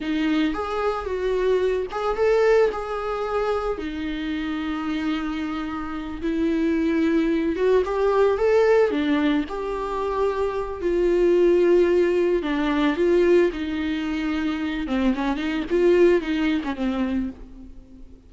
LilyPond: \new Staff \with { instrumentName = "viola" } { \time 4/4 \tempo 4 = 111 dis'4 gis'4 fis'4. gis'8 | a'4 gis'2 dis'4~ | dis'2.~ dis'8 e'8~ | e'2 fis'8 g'4 a'8~ |
a'8 d'4 g'2~ g'8 | f'2. d'4 | f'4 dis'2~ dis'8 c'8 | cis'8 dis'8 f'4 dis'8. cis'16 c'4 | }